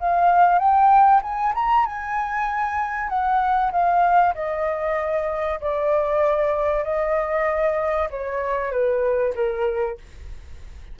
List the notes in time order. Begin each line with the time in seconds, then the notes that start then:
0.00 F5
0.59 G5
1.22 G#5
1.55 A#5
1.86 G#5
3.09 F#5
3.72 F5
4.35 D#5
5.61 D5
6.84 D#5
8.11 C#5
8.72 B4
9.36 A#4